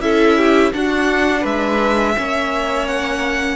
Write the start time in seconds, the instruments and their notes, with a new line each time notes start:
0.00 cello C#4, viola E4, violin A4 E5
0.37 violin G4
0.72 viola D4, cello D4, violin F#4 F#5
1.40 cello G#3, violin B4 E5
2.16 cello A#3, viola C#4, violin C#5
2.87 violin F#5